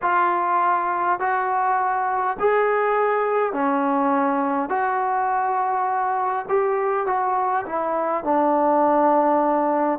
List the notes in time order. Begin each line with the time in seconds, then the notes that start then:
0.02 F4
1.19 F#4
2.39 G#4
3.52 C#4
4.68 F#4
6.48 G4
7.06 F#4
7.65 E4
8.24 D4